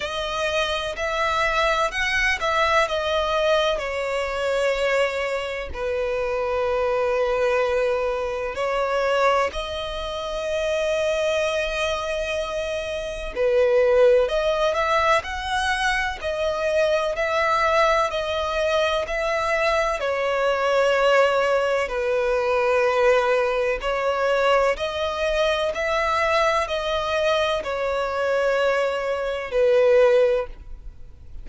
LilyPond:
\new Staff \with { instrumentName = "violin" } { \time 4/4 \tempo 4 = 63 dis''4 e''4 fis''8 e''8 dis''4 | cis''2 b'2~ | b'4 cis''4 dis''2~ | dis''2 b'4 dis''8 e''8 |
fis''4 dis''4 e''4 dis''4 | e''4 cis''2 b'4~ | b'4 cis''4 dis''4 e''4 | dis''4 cis''2 b'4 | }